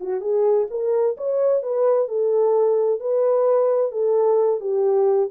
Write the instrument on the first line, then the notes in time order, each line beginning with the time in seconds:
horn
0.00 F#4
0.21 G#4
0.70 A#4
1.17 C#5
1.63 B4
2.08 A4
3.00 B4
3.91 A4
4.60 G4